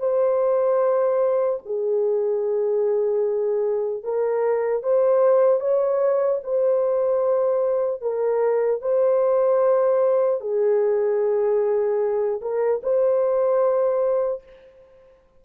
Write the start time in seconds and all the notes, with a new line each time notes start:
0.00 C5
1.66 G#4
4.04 A#4
4.83 C5
5.61 C#5
6.44 C5
8.02 A#4
8.82 C5
10.41 G#4
12.42 A#4
12.83 C5